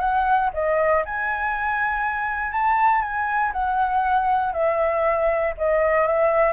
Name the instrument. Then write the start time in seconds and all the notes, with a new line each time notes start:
flute
0.00 F#5
0.54 D#5
1.05 G#5
2.52 A5
3.02 G#5
3.53 F#5
4.53 E5
5.58 D#5
6.08 E5